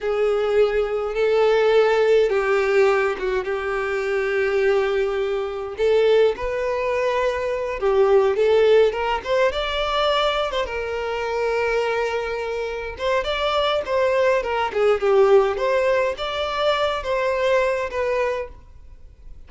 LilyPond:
\new Staff \with { instrumentName = "violin" } { \time 4/4 \tempo 4 = 104 gis'2 a'2 | g'4. fis'8 g'2~ | g'2 a'4 b'4~ | b'4. g'4 a'4 ais'8 |
c''8 d''4.~ d''16 c''16 ais'4.~ | ais'2~ ais'8 c''8 d''4 | c''4 ais'8 gis'8 g'4 c''4 | d''4. c''4. b'4 | }